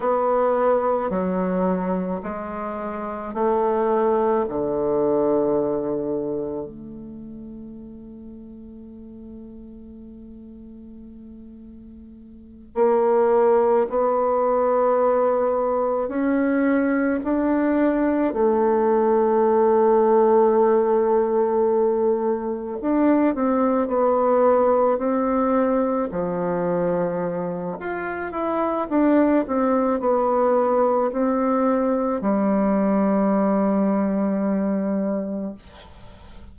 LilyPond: \new Staff \with { instrumentName = "bassoon" } { \time 4/4 \tempo 4 = 54 b4 fis4 gis4 a4 | d2 a2~ | a2.~ a8 ais8~ | ais8 b2 cis'4 d'8~ |
d'8 a2.~ a8~ | a8 d'8 c'8 b4 c'4 f8~ | f4 f'8 e'8 d'8 c'8 b4 | c'4 g2. | }